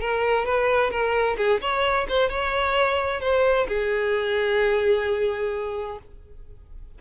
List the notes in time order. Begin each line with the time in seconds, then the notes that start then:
0.00 A#4
0.45 B4
0.90 A#4
1.37 G#4
1.60 C#5
2.08 C5
2.29 C#5
3.20 C5
3.68 G#4